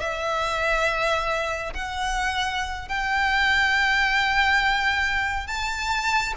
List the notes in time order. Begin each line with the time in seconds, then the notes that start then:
0.00 E5
1.73 F#5
2.88 G5
5.47 A5